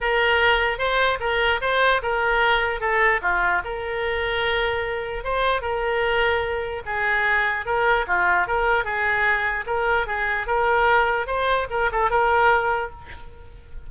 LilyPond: \new Staff \with { instrumentName = "oboe" } { \time 4/4 \tempo 4 = 149 ais'2 c''4 ais'4 | c''4 ais'2 a'4 | f'4 ais'2.~ | ais'4 c''4 ais'2~ |
ais'4 gis'2 ais'4 | f'4 ais'4 gis'2 | ais'4 gis'4 ais'2 | c''4 ais'8 a'8 ais'2 | }